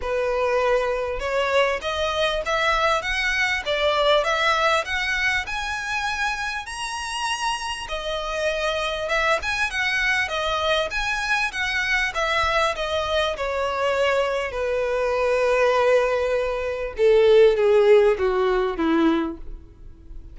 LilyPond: \new Staff \with { instrumentName = "violin" } { \time 4/4 \tempo 4 = 99 b'2 cis''4 dis''4 | e''4 fis''4 d''4 e''4 | fis''4 gis''2 ais''4~ | ais''4 dis''2 e''8 gis''8 |
fis''4 dis''4 gis''4 fis''4 | e''4 dis''4 cis''2 | b'1 | a'4 gis'4 fis'4 e'4 | }